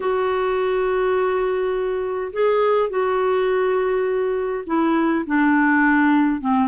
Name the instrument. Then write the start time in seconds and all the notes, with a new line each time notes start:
clarinet
0.00 F#4
2.32 G#4
2.89 F#4
4.66 E4
5.26 D4
6.40 C4